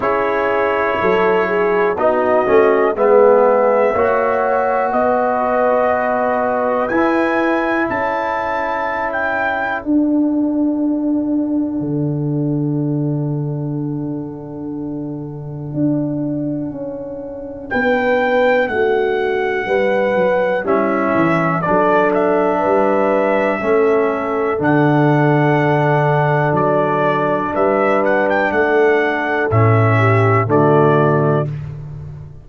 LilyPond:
<<
  \new Staff \with { instrumentName = "trumpet" } { \time 4/4 \tempo 4 = 61 cis''2 dis''4 e''4~ | e''4 dis''2 gis''4 | a''4~ a''16 g''8. fis''2~ | fis''1~ |
fis''2 g''4 fis''4~ | fis''4 e''4 d''8 e''4.~ | e''4 fis''2 d''4 | e''8 fis''16 g''16 fis''4 e''4 d''4 | }
  \new Staff \with { instrumentName = "horn" } { \time 4/4 gis'4 a'8 gis'8 fis'4 gis'4 | cis''4 b'2. | a'1~ | a'1~ |
a'2 b'4 fis'4 | b'4 e'4 a'4 b'4 | a'1 | b'4 a'4. g'8 fis'4 | }
  \new Staff \with { instrumentName = "trombone" } { \time 4/4 e'2 dis'8 cis'8 b4 | fis'2. e'4~ | e'2 d'2~ | d'1~ |
d'1~ | d'4 cis'4 d'2 | cis'4 d'2.~ | d'2 cis'4 a4 | }
  \new Staff \with { instrumentName = "tuba" } { \time 4/4 cis'4 fis4 b8 a8 gis4 | ais4 b2 e'4 | cis'2 d'2 | d1 |
d'4 cis'4 b4 a4 | g8 fis8 g8 e8 fis4 g4 | a4 d2 fis4 | g4 a4 a,4 d4 | }
>>